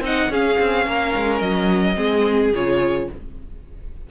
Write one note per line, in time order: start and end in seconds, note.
0.00 0.28 C4
0.00 0.31 D#4
0.00 0.31 D#5
0.00 0.33 F#5
0.29 0.57 C#4
0.29 1.95 C#4
0.29 0.86 G#4
0.29 1.39 F5
0.59 0.86 C4
0.86 1.14 A#3
0.86 1.96 A#4
1.16 1.41 G#3
1.39 1.96 F#3
1.39 2.50 D#5
1.95 2.53 G#3
1.95 2.51 C4
1.95 3.07 G#4
2.53 3.08 C#3
2.53 3.10 F4
2.53 3.10 C#5